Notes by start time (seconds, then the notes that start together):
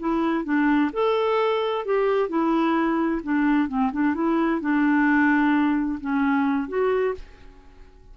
0.00 E4
0.45 D4
0.93 A4
1.85 G4
2.30 E4
3.23 D4
3.69 C4
3.93 D4
4.15 E4
4.61 D4
6.01 C#4
6.69 F#4